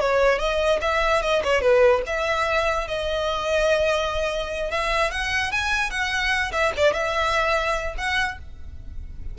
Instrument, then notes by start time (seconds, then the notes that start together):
violin
0.00 C#5
0.39 D#5
0.81 E5
1.22 D#5
1.44 C#5
1.61 B4
2.06 E5
2.88 D#5
4.71 E5
5.11 F#5
5.52 G#5
5.91 F#5
6.52 E5
6.77 D5
6.94 E5
7.98 F#5